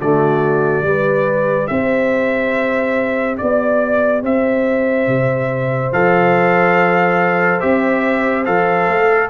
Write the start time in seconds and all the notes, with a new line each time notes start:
0.00 D3 A3 F#4 D5
0.82 G3 G4 B4
1.67 C4 C5 E5
3.37 B3 D5
4.22 C4 C5 E5
5.07 C3
5.92 F3 A4 F5
7.60 C4 G4 E5
8.45 F3 A4 F5
8.87 A3